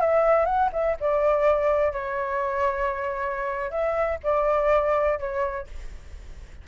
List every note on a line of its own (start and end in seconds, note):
0.00 0.45 E5
0.45 0.69 F#5
0.73 0.97 E5
1.00 1.92 D5
1.92 3.70 C#5
3.70 4.18 E5
4.23 5.19 D5
5.19 5.67 C#5